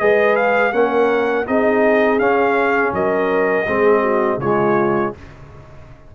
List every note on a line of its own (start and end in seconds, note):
0.00 0.73 G#3
0.00 0.73 G#4
0.00 0.74 B4
0.00 0.36 D#5
0.36 0.73 F5
0.73 1.46 A#3
0.73 1.46 C#4
0.73 1.48 A#4
0.73 1.46 F#5
1.47 2.20 C4
1.47 2.20 D#4
1.47 2.94 G#4
1.47 2.20 D#5
2.20 2.93 C#4
2.20 3.66 C#4
2.20 2.93 F5
2.93 3.66 F#3
2.93 3.67 A#4
2.93 4.41 D#5
3.67 4.38 G#3
3.67 4.41 C4
3.67 4.02 G#4
4.02 4.39 F#4
4.38 5.11 C#3
4.38 5.16 G#3
4.38 5.14 F4
4.38 5.14 C#5